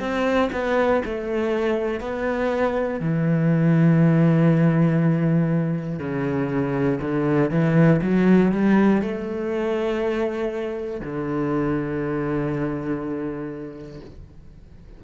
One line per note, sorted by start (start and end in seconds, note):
0.00 0.50 C4
0.52 1.02 B3
1.05 2.01 A3
2.01 3.00 B3
3.00 6.00 E3
6.00 7.00 C#3
7.01 7.51 D3
7.51 8.01 E3
8.02 8.52 F#3
8.52 9.02 G3
9.02 11.01 A3
11.01 14.01 D3